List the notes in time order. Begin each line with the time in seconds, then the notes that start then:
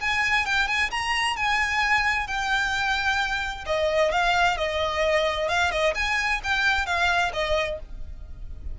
0.00 G#5
0.45 G5
0.67 G#5
0.90 A#5
1.36 G#5
2.27 G5
3.66 D#5
4.11 F5
4.57 D#5
5.48 F5
5.71 D#5
5.95 G#5
6.43 G5
6.86 F5
7.33 D#5